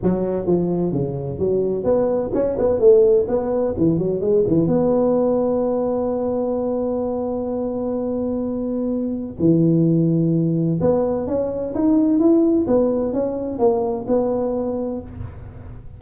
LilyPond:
\new Staff \with { instrumentName = "tuba" } { \time 4/4 \tempo 4 = 128 fis4 f4 cis4 fis4 | b4 cis'8 b8 a4 b4 | e8 fis8 gis8 e8 b2~ | b1~ |
b1 | e2. b4 | cis'4 dis'4 e'4 b4 | cis'4 ais4 b2 | }